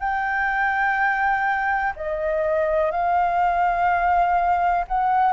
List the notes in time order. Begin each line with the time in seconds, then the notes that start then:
0.00 G5
1.96 D#5
2.91 F5
4.88 F#5